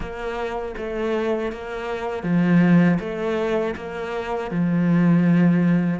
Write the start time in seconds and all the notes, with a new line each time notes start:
0.00 A#3
0.77 A3
1.51 A#3
2.23 F3
2.99 A3
3.76 A#3
4.50 F3